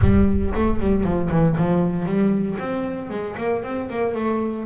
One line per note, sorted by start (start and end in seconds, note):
0.01 0.52 G3
0.54 0.79 A3
0.79 1.03 G3
1.03 1.29 F3
1.30 1.56 E3
1.57 2.05 F3
2.05 2.57 G3
2.59 3.09 C4
3.09 3.35 G#3
3.37 3.63 A#3
3.63 3.89 C4
3.89 4.14 A#3
4.14 4.66 A3